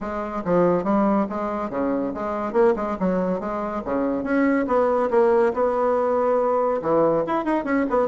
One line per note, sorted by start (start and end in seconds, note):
0.00 0.43 G#3
0.44 0.84 F3
0.84 1.26 G3
1.29 1.70 G#3
1.70 2.12 C#3
2.14 2.52 G#3
2.52 2.74 A#3
2.76 2.97 G#3
2.99 3.40 F#3
3.40 3.82 G#3
3.85 4.23 C#3
4.23 4.66 C#4
4.67 5.09 B3
5.10 5.52 A#3
5.53 6.81 B3
6.81 7.24 E3
7.26 7.44 E4
7.44 7.64 D#4
7.64 7.85 C#4
7.90 8.08 B3